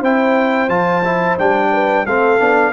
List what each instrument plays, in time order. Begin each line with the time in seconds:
0.00 tuba C4, trombone E4, horn C5, trumpet G5
0.68 tuba F3, trombone F4, trumpet A5
1.04 trombone E4
1.38 tuba G3, trombone D4, trumpet G5
1.72 horn B4
2.05 tuba A3, trombone C4, horn A4, trumpet F5
2.39 tuba B3, trombone D4